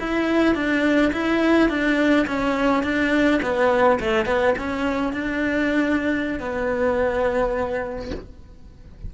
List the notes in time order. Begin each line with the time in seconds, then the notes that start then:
0.00 E4
0.55 D4
1.13 E4
1.69 D4
2.27 C#4
2.83 D4
3.42 B3
4.00 A3
4.26 B3
4.58 C#4
5.13 D4
6.39 B3